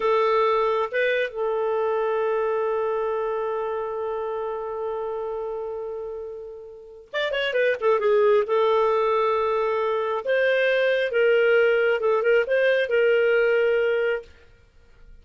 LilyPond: \new Staff \with { instrumentName = "clarinet" } { \time 4/4 \tempo 4 = 135 a'2 b'4 a'4~ | a'1~ | a'1~ | a'1 |
d''8 cis''8 b'8 a'8 gis'4 a'4~ | a'2. c''4~ | c''4 ais'2 a'8 ais'8 | c''4 ais'2. | }